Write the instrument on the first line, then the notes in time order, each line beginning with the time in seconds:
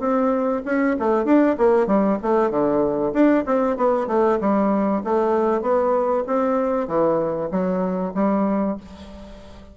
bassoon
0.00 C4
0.66 C#4
0.99 A3
1.25 D4
1.58 A#3
1.87 G3
2.23 A3
2.51 D3
3.13 D4
3.46 C4
3.77 B3
4.08 A3
4.41 G3
5.04 A3
5.62 B3
6.27 C4
6.88 E3
7.51 F#3
8.15 G3